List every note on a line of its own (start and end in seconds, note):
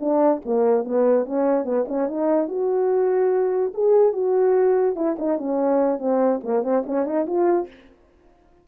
0.00 0.41 D4
0.45 0.84 A#3
0.84 1.25 B3
1.25 1.65 C#4
1.65 1.85 B3
1.88 2.08 C#4
2.08 2.48 D#4
2.48 3.72 F#4
3.74 4.13 G#4
4.13 4.96 F#4
4.96 5.16 E4
5.19 5.38 D#4
5.38 5.99 C#4
5.99 6.40 C4
6.43 6.63 A#3
6.63 6.84 C4
6.86 7.05 C#4
7.05 7.26 D#4
7.26 7.68 F4